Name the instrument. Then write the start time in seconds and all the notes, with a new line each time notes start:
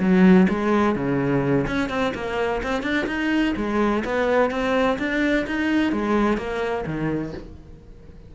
cello
0.00 F#3
0.49 G#3
0.96 C#3
1.67 C#4
1.89 C4
2.15 A#3
2.63 C4
2.83 D4
3.07 D#4
3.57 G#3
4.05 B3
4.51 C4
4.99 D4
5.47 D#4
5.92 G#3
6.38 A#3
6.86 D#3